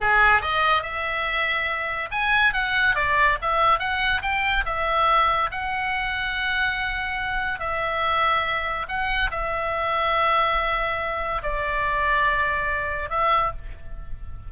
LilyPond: \new Staff \with { instrumentName = "oboe" } { \time 4/4 \tempo 4 = 142 gis'4 dis''4 e''2~ | e''4 gis''4 fis''4 d''4 | e''4 fis''4 g''4 e''4~ | e''4 fis''2.~ |
fis''2 e''2~ | e''4 fis''4 e''2~ | e''2. d''4~ | d''2. e''4 | }